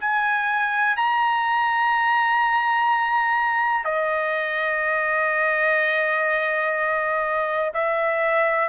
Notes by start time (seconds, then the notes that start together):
0.00 G#5
0.96 A#5
3.84 D#5
7.74 E5